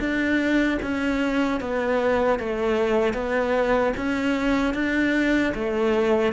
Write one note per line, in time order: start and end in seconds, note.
0.00 0.79 D4
0.83 1.61 C#4
1.61 2.40 B3
2.40 3.14 A3
3.14 3.93 B3
3.97 4.75 C#4
4.75 5.54 D4
5.55 6.33 A3